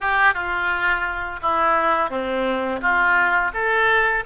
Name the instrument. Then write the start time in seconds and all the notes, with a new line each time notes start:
oboe
0.00 G4
0.34 F4
1.41 E4
2.10 C4
2.81 F4
3.53 A4